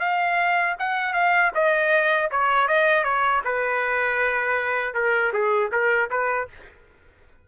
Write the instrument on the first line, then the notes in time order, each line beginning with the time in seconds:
trumpet
0.00 F5
0.79 F#5
1.14 F5
1.55 D#5
2.31 C#5
2.68 D#5
3.04 C#5
3.45 B4
4.94 A#4
5.33 G#4
5.72 A#4
6.10 B4